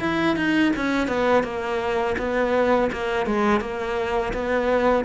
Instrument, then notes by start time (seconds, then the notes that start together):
cello
0.00 E4
0.36 D#4
0.77 C#4
1.08 B3
1.44 A#3
2.19 B3
2.92 A#3
3.26 G#3
3.61 A#3
4.33 B3